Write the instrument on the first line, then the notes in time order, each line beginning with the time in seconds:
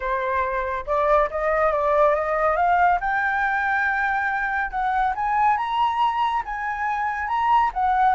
flute
0.00 C5
0.86 D5
1.30 D#5
1.72 D5
2.14 D#5
2.56 F5
3.00 G5
4.70 F#5
5.15 G#5
5.57 A#5
6.45 G#5
7.27 A#5
7.73 F#5